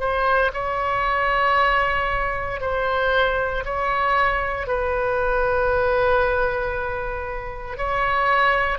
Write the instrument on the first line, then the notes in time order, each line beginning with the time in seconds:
oboe
0.00 C5
0.54 C#5
2.61 C5
3.65 C#5
4.67 B4
7.78 C#5